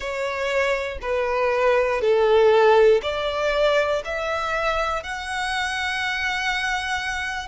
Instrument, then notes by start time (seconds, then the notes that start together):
violin
0.00 C#5
1.01 B4
2.00 A4
3.02 D5
4.05 E5
5.03 F#5